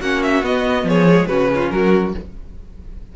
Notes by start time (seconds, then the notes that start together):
0.00 A#3 C#4 F#4 F#5
0.23 E5
0.43 B3 D#5
0.84 F3 G#4 C#5
1.08 G#3
1.27 C#3 C#4 F#4 B4
1.55 F4
1.71 F#3 F#4 A#4